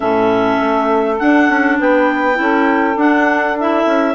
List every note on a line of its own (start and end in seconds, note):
0.00 0.60 A2
0.00 1.18 C#4
0.00 1.77 A4
0.00 1.16 E5
0.60 1.19 A3
1.18 2.34 D4
1.18 1.49 D4
1.18 1.78 F#5
1.49 1.79 C#4
1.78 2.38 B3
1.78 2.38 B4
1.78 2.98 G5
2.34 2.96 C#4
2.34 2.94 E4
2.34 4.14 A4
2.96 3.85 D4
2.96 3.56 D4
2.96 3.58 F#5
3.59 4.14 E4
3.59 4.14 E5
3.85 4.14 C#4